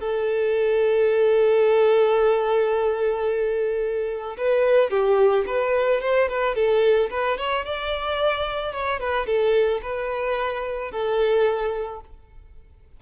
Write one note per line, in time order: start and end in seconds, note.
0.00 4.36 A4
4.37 4.90 B4
4.90 5.44 G4
5.46 6.01 B4
6.01 6.28 C5
6.28 6.55 B4
6.55 7.09 A4
7.10 7.37 B4
7.38 7.64 C#5
7.64 8.72 D5
8.72 9.00 C#5
9.00 9.26 B4
9.26 9.81 A4
9.82 10.91 B4
10.91 12.00 A4